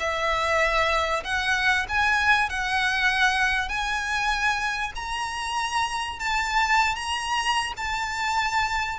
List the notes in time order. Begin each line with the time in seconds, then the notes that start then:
0.00 E5
1.24 F#5
1.89 G#5
2.50 F#5
3.69 G#5
4.96 A#5
6.19 A5
6.96 A#5
7.77 A5